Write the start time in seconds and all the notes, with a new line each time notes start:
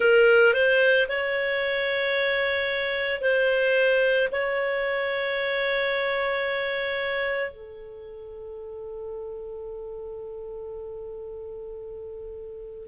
0.00 A#4
0.54 C5
1.08 C#5
3.21 C5
4.31 C#5
7.50 A4